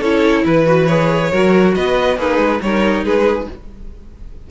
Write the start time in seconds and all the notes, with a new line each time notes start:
0.00 C#4 E4 A4 C#5
0.45 E3 B4
0.66 F#4
0.86 G#4 C#5
1.31 F#3 F#4 A#4
1.75 B3 B4 D#5
2.17 A#3 D#4 G#4 B4
2.38 G#3
2.61 G3 D#4 A#4 C#5
3.03 G#3 G#4 B4